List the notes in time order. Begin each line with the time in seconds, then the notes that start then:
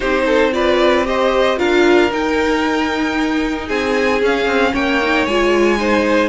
0.00 C4 D#4 G4 C5
0.25 A4
0.52 F4 B4 D5
1.04 G4 C5 D#5
1.57 D4 F4 A#4 F5
2.11 D#4 G5
3.66 C4 G#4 G#5
4.22 C#4 F5
4.46 C4
4.73 A#3 C#5 G5
5.01 D#4
5.26 G#3 F4 G#5
5.78 D#4 C5